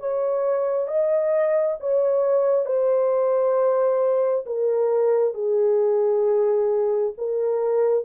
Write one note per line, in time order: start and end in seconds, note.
0.00 0.88 C#5
0.88 1.77 D#5
1.80 2.66 C#5
2.66 4.45 C5
4.46 5.34 A#4
5.34 7.14 G#4
7.18 8.05 A#4